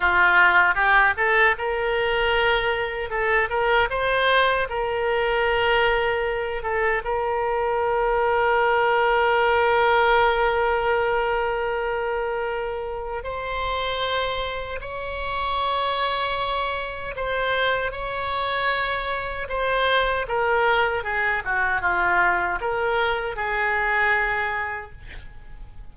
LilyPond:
\new Staff \with { instrumentName = "oboe" } { \time 4/4 \tempo 4 = 77 f'4 g'8 a'8 ais'2 | a'8 ais'8 c''4 ais'2~ | ais'8 a'8 ais'2.~ | ais'1~ |
ais'4 c''2 cis''4~ | cis''2 c''4 cis''4~ | cis''4 c''4 ais'4 gis'8 fis'8 | f'4 ais'4 gis'2 | }